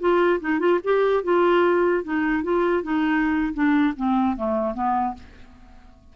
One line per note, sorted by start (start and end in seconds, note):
0.00 0.40 F4
0.40 0.60 D#4
0.60 0.80 F4
0.84 1.24 G4
1.24 2.04 F4
2.04 2.44 D#4
2.44 2.83 F4
2.83 3.54 D#4
3.54 3.94 D4
3.97 4.37 C4
4.37 4.74 A3
4.74 5.15 B3